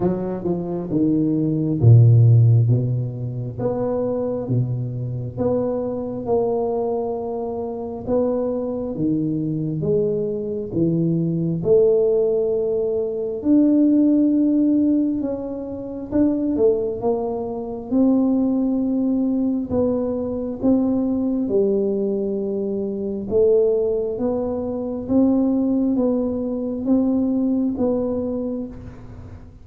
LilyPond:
\new Staff \with { instrumentName = "tuba" } { \time 4/4 \tempo 4 = 67 fis8 f8 dis4 ais,4 b,4 | b4 b,4 b4 ais4~ | ais4 b4 dis4 gis4 | e4 a2 d'4~ |
d'4 cis'4 d'8 a8 ais4 | c'2 b4 c'4 | g2 a4 b4 | c'4 b4 c'4 b4 | }